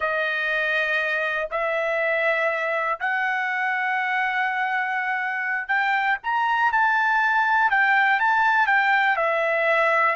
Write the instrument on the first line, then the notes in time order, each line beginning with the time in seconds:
trumpet
0.00 D#5
1.51 E5
3.00 F#5
5.68 G5
6.23 A#5
6.72 A5
7.70 G5
8.19 A5
8.66 G5
9.16 E5